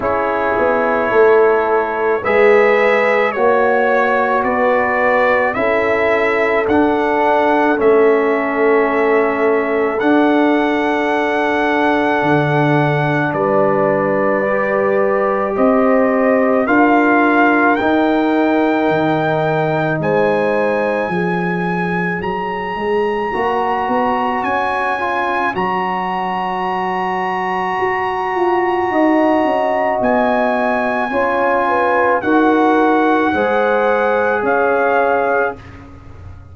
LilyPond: <<
  \new Staff \with { instrumentName = "trumpet" } { \time 4/4 \tempo 4 = 54 cis''2 e''4 cis''4 | d''4 e''4 fis''4 e''4~ | e''4 fis''2. | d''2 dis''4 f''4 |
g''2 gis''2 | ais''2 gis''4 ais''4~ | ais''2. gis''4~ | gis''4 fis''2 f''4 | }
  \new Staff \with { instrumentName = "horn" } { \time 4/4 gis'4 a'4 b'4 cis''4 | b'4 a'2.~ | a'1 | b'2 c''4 ais'4~ |
ais'2 c''4 cis''4~ | cis''1~ | cis''2 dis''2 | cis''8 b'8 ais'4 c''4 cis''4 | }
  \new Staff \with { instrumentName = "trombone" } { \time 4/4 e'2 gis'4 fis'4~ | fis'4 e'4 d'4 cis'4~ | cis'4 d'2.~ | d'4 g'2 f'4 |
dis'2. gis'4~ | gis'4 fis'4. f'8 fis'4~ | fis'1 | f'4 fis'4 gis'2 | }
  \new Staff \with { instrumentName = "tuba" } { \time 4/4 cis'8 b8 a4 gis4 ais4 | b4 cis'4 d'4 a4~ | a4 d'2 d4 | g2 c'4 d'4 |
dis'4 dis4 gis4 f4 | fis8 gis8 ais8 b8 cis'4 fis4~ | fis4 fis'8 f'8 dis'8 cis'8 b4 | cis'4 dis'4 gis4 cis'4 | }
>>